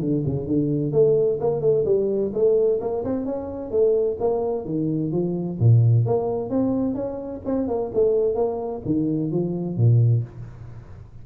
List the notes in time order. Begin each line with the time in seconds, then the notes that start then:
0.00 D3
0.26 C#3
0.47 D3
0.92 A3
1.40 A#3
1.61 A3
1.85 G3
2.33 A3
2.80 A#3
3.04 C4
3.25 C#4
3.71 A3
4.19 A#3
4.65 D#3
5.12 F3
5.59 A#2
6.05 A#3
6.49 C4
6.94 C#4
7.45 C4
7.68 A#3
7.94 A3
8.34 A#3
8.85 D#3
9.31 F3
9.77 A#2